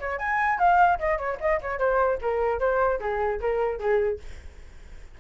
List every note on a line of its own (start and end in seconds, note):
0.00 0.19 C#5
0.19 0.59 G#5
0.59 0.99 F5
0.99 1.18 D#5
1.18 1.38 C#5
1.41 1.61 D#5
1.62 1.79 C#5
1.79 2.19 C5
2.22 2.60 A#4
2.60 3.00 C5
3.00 3.40 G#4
3.41 3.80 A#4
3.80 4.20 G#4